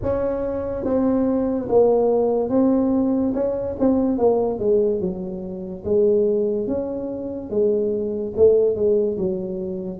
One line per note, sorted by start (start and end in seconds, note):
0.02 0.84 C#4
0.84 1.67 C4
1.69 2.49 A#3
2.49 3.32 C4
3.33 3.75 C#4
3.79 4.18 C4
4.18 4.59 A#3
4.59 5.00 G#3
5.00 5.83 F#3
5.84 6.67 G#3
6.67 7.50 C#4
7.50 8.33 G#3
8.36 8.75 A3
8.75 9.17 G#3
9.17 10.00 F#3